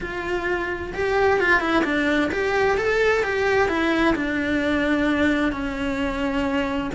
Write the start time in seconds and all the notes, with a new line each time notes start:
0.01 F4
0.94 G4
1.40 F4
1.60 E4
1.84 D4
2.31 G4
2.77 A4
3.23 G4
3.68 E4
4.15 D4
5.52 C#4